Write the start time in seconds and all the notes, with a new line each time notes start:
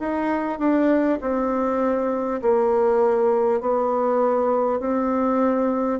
0.00 D#4
0.59 D4
1.21 C4
2.42 A#3
3.61 B3
4.80 C4